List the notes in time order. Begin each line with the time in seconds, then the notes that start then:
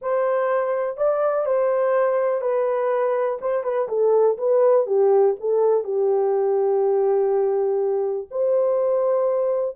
0.01 C5
0.97 D5
1.45 C5
2.41 B4
3.41 C5
3.63 B4
3.88 A4
4.37 B4
4.86 G4
5.39 A4
5.83 G4
8.31 C5